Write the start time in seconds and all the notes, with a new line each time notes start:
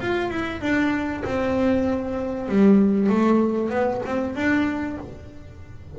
0.00 F4
0.30 E4
0.61 D4
1.24 C4
2.48 G3
3.09 A3
3.70 B3
4.06 C4
4.35 D4